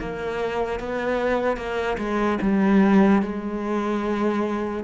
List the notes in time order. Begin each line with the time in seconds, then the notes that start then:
0.00 A#3
0.80 B3
1.57 A#3
1.98 G#3
2.42 G3
3.22 G#3